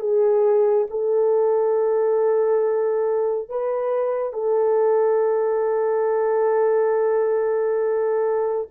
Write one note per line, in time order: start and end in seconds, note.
0.00 0.87 G#4
0.90 3.49 A4
3.49 4.33 B4
4.33 8.68 A4